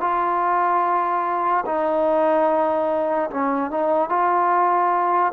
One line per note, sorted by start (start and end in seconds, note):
0.00 1.64 F4
1.66 3.30 D#4
3.30 3.71 C#4
3.71 4.09 D#4
4.09 5.32 F4